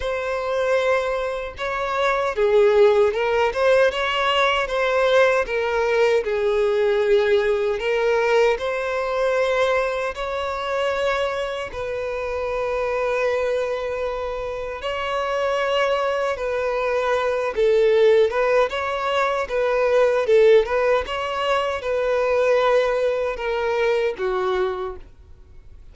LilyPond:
\new Staff \with { instrumentName = "violin" } { \time 4/4 \tempo 4 = 77 c''2 cis''4 gis'4 | ais'8 c''8 cis''4 c''4 ais'4 | gis'2 ais'4 c''4~ | c''4 cis''2 b'4~ |
b'2. cis''4~ | cis''4 b'4. a'4 b'8 | cis''4 b'4 a'8 b'8 cis''4 | b'2 ais'4 fis'4 | }